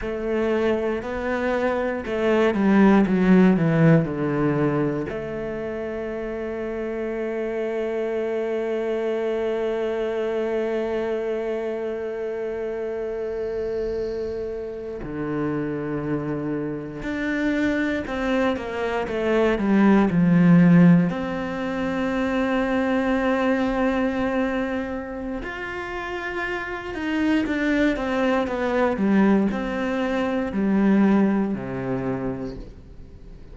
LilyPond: \new Staff \with { instrumentName = "cello" } { \time 4/4 \tempo 4 = 59 a4 b4 a8 g8 fis8 e8 | d4 a2.~ | a1~ | a2~ a8. d4~ d16~ |
d8. d'4 c'8 ais8 a8 g8 f16~ | f8. c'2.~ c'16~ | c'4 f'4. dis'8 d'8 c'8 | b8 g8 c'4 g4 c4 | }